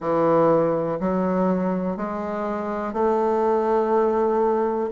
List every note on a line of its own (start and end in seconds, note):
0.00 0.98 E3
1.00 1.97 F#3
1.97 2.93 G#3
2.93 4.90 A3